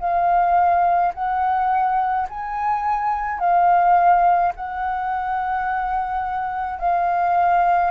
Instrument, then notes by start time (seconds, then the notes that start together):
flute
0.00 F5
1.15 F#5
2.30 G#5
3.40 F5
4.56 F#5
6.80 F5